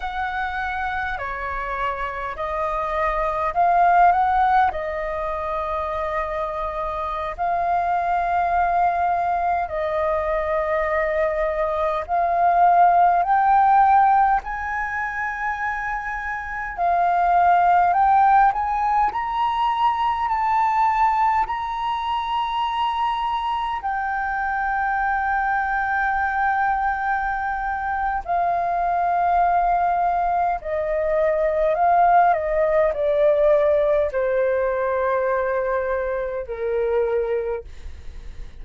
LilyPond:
\new Staff \with { instrumentName = "flute" } { \time 4/4 \tempo 4 = 51 fis''4 cis''4 dis''4 f''8 fis''8 | dis''2~ dis''16 f''4.~ f''16~ | f''16 dis''2 f''4 g''8.~ | g''16 gis''2 f''4 g''8 gis''16~ |
gis''16 ais''4 a''4 ais''4.~ ais''16~ | ais''16 g''2.~ g''8. | f''2 dis''4 f''8 dis''8 | d''4 c''2 ais'4 | }